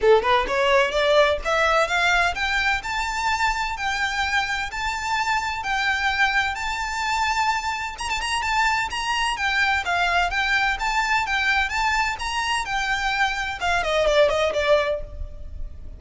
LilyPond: \new Staff \with { instrumentName = "violin" } { \time 4/4 \tempo 4 = 128 a'8 b'8 cis''4 d''4 e''4 | f''4 g''4 a''2 | g''2 a''2 | g''2 a''2~ |
a''4 ais''16 a''16 ais''8 a''4 ais''4 | g''4 f''4 g''4 a''4 | g''4 a''4 ais''4 g''4~ | g''4 f''8 dis''8 d''8 dis''8 d''4 | }